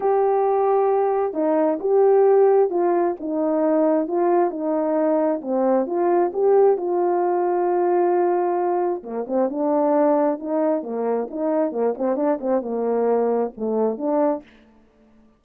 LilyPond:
\new Staff \with { instrumentName = "horn" } { \time 4/4 \tempo 4 = 133 g'2. dis'4 | g'2 f'4 dis'4~ | dis'4 f'4 dis'2 | c'4 f'4 g'4 f'4~ |
f'1 | ais8 c'8 d'2 dis'4 | ais4 dis'4 ais8 c'8 d'8 c'8 | ais2 a4 d'4 | }